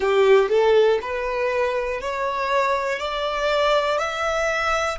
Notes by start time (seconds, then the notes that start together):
0.00 G4
0.49 A4
1.01 B4
2.00 C#5
2.99 D5
3.98 E5